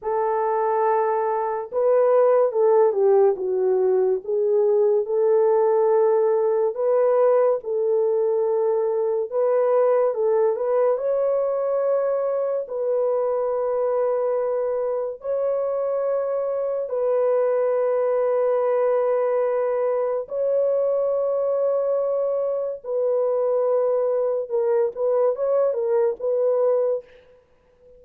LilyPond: \new Staff \with { instrumentName = "horn" } { \time 4/4 \tempo 4 = 71 a'2 b'4 a'8 g'8 | fis'4 gis'4 a'2 | b'4 a'2 b'4 | a'8 b'8 cis''2 b'4~ |
b'2 cis''2 | b'1 | cis''2. b'4~ | b'4 ais'8 b'8 cis''8 ais'8 b'4 | }